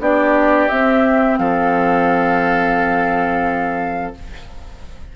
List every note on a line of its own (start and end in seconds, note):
0.00 0.69 B3
0.00 0.69 D4
0.00 1.40 G4
0.00 0.69 D5
0.69 4.14 C4
0.69 1.39 C4
0.69 1.38 E5
1.38 4.15 F3
1.38 4.16 A4
1.38 4.14 F5